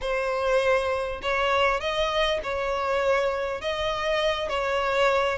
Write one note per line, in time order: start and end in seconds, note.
0.01 1.21 C5
1.22 1.80 C#5
1.80 2.40 D#5
2.43 3.61 C#5
3.61 4.48 D#5
4.48 5.38 C#5